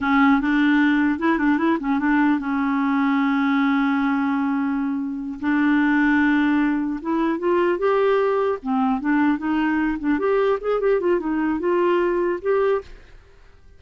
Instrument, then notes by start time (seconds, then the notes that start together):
clarinet
0.00 C#4
0.40 D4
1.19 E4
1.38 D4
1.58 E4
1.80 C#4
1.99 D4
2.39 C#4
5.39 D4
7.01 E4
7.38 F4
7.78 G4
8.62 C4
9.00 D4
9.38 D#4
9.98 D4
10.19 G4
10.60 G#4
10.80 G4
11.00 F4
11.19 D#4
11.59 F4
12.41 G4